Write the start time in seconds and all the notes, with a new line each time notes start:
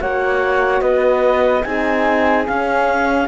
0.00 A#3 F#4 C#5 F#5
0.81 B3 B4 D#5
1.63 C4 D#4 G#4 G#5
2.46 C#4 F5